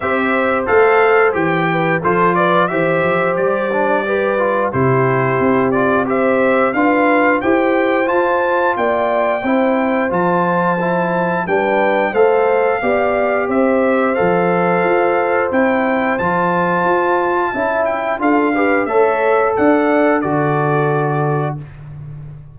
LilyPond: <<
  \new Staff \with { instrumentName = "trumpet" } { \time 4/4 \tempo 4 = 89 e''4 f''4 g''4 c''8 d''8 | e''4 d''2 c''4~ | c''8 d''8 e''4 f''4 g''4 | a''4 g''2 a''4~ |
a''4 g''4 f''2 | e''4 f''2 g''4 | a''2~ a''8 g''8 f''4 | e''4 fis''4 d''2 | }
  \new Staff \with { instrumentName = "horn" } { \time 4/4 c''2~ c''8 b'8 a'8 b'8 | c''2 b'4 g'4~ | g'4 c''4 b'4 c''4~ | c''4 d''4 c''2~ |
c''4 b'4 c''4 d''4 | c''1~ | c''2 e''4 a'8 b'8 | cis''4 d''4 a'2 | }
  \new Staff \with { instrumentName = "trombone" } { \time 4/4 g'4 a'4 g'4 f'4 | g'4. d'8 g'8 f'8 e'4~ | e'8 f'8 g'4 f'4 g'4 | f'2 e'4 f'4 |
e'4 d'4 a'4 g'4~ | g'4 a'2 e'4 | f'2 e'4 f'8 g'8 | a'2 fis'2 | }
  \new Staff \with { instrumentName = "tuba" } { \time 4/4 c'4 a4 e4 f4 | e8 f8 g2 c4 | c'2 d'4 e'4 | f'4 ais4 c'4 f4~ |
f4 g4 a4 b4 | c'4 f4 f'4 c'4 | f4 f'4 cis'4 d'4 | a4 d'4 d2 | }
>>